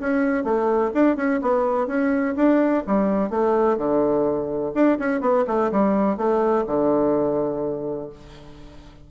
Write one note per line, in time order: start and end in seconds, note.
0.00 0.44 C#4
0.44 0.92 A3
0.94 1.16 D4
1.16 1.40 C#4
1.42 1.87 B3
1.87 2.35 C#4
2.36 2.84 D4
2.87 3.30 G3
3.30 3.78 A3
3.78 4.73 D3
4.74 4.98 D4
4.99 5.21 C#4
5.21 5.45 B3
5.47 5.71 A3
5.72 6.17 G3
6.17 6.65 A3
6.67 8.10 D3